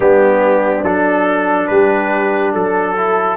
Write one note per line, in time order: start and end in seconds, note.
0.00 0.82 G3
0.00 0.84 B3
0.00 1.69 D4
0.00 0.83 G4
0.82 1.67 F#3
0.82 2.96 D4
0.82 1.67 A4
1.67 2.53 G3
1.67 2.52 G4
1.67 2.51 B4
2.52 3.37 F#3
2.52 3.37 A4
2.96 3.37 E4